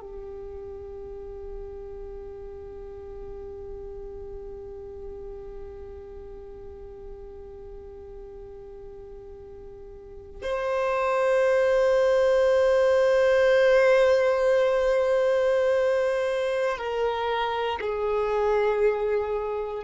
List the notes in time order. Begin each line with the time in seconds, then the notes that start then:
0.00 G4
10.42 C5
16.78 A#4
17.81 G#4